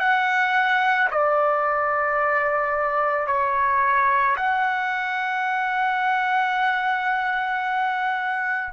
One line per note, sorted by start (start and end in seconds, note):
0.00 1.09 F#5
1.11 3.28 D5
3.28 4.37 C#5
4.37 8.73 F#5